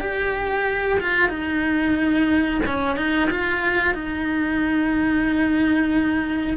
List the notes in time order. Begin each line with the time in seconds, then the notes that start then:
0.00 G4
1.00 F4
1.29 D#4
2.66 C#4
2.96 D#4
3.30 F4
3.94 D#4